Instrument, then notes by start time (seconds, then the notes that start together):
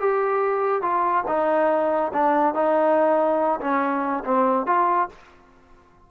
trombone
0.00 G4
0.82 F4
1.27 D#4
2.13 D4
2.54 D#4
3.60 C#4
4.24 C4
4.66 F4